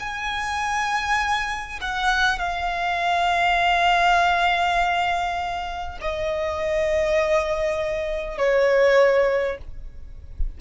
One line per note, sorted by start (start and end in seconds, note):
0.00 1.80 G#5
1.81 2.39 F#5
2.39 5.99 F5
6.01 8.38 D#5
8.38 9.58 C#5